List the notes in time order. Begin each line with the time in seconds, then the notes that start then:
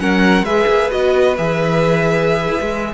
0.00 F#3 C#4 A#4 F#5
0.43 G#3 G#4 B4 E5
0.67 A#3
0.91 B3 F#4 D#5
1.37 E3 G#4 E5
2.48 E4
2.61 G#3